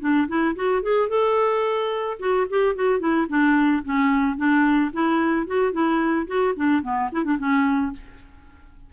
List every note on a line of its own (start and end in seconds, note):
0.00 0.27 D4
0.28 0.55 E4
0.55 0.82 F#4
0.82 1.09 G#4
1.09 2.18 A4
2.19 2.46 F#4
2.49 2.75 G4
2.75 3.00 F#4
3.00 3.27 E4
3.29 3.83 D4
3.84 4.37 C#4
4.37 4.91 D4
4.93 5.46 E4
5.46 5.72 F#4
5.72 6.27 E4
6.27 6.54 F#4
6.56 6.82 D4
6.82 7.10 B3
7.12 7.24 E4
7.24 7.38 D4
7.38 7.93 C#4